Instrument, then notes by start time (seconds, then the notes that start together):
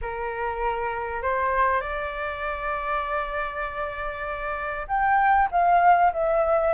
flute
0.01 A#4
1.22 C5
1.80 D5
4.87 G5
5.51 F5
6.12 E5